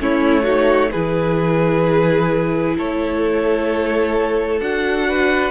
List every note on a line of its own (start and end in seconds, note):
0.00 0.92 A3
0.00 0.45 C#4
0.00 0.43 E4
0.00 0.91 C#5
0.43 0.91 D#4
0.43 0.89 F#4
0.91 2.78 E3
0.91 4.61 E4
0.91 2.76 G#4
0.91 2.76 B4
2.77 4.61 A3
2.77 5.08 A4
2.77 4.60 C#5
4.60 5.51 D4
4.60 5.51 F#4
4.60 5.51 F#5
5.08 5.51 B4